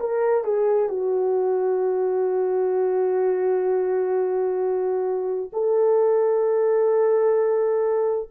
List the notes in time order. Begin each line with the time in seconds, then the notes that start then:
0.00 A#4
0.44 G#4
0.89 F#4
5.53 A4